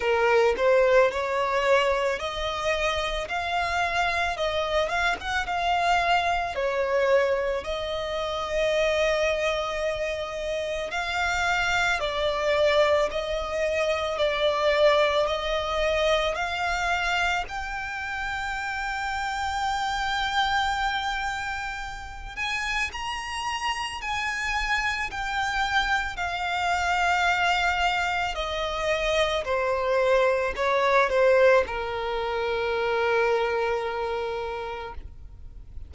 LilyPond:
\new Staff \with { instrumentName = "violin" } { \time 4/4 \tempo 4 = 55 ais'8 c''8 cis''4 dis''4 f''4 | dis''8 f''16 fis''16 f''4 cis''4 dis''4~ | dis''2 f''4 d''4 | dis''4 d''4 dis''4 f''4 |
g''1~ | g''8 gis''8 ais''4 gis''4 g''4 | f''2 dis''4 c''4 | cis''8 c''8 ais'2. | }